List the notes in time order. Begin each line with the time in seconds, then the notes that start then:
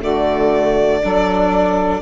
0.00 D3 A3 F#4 D5
1.03 F#3 D4 A4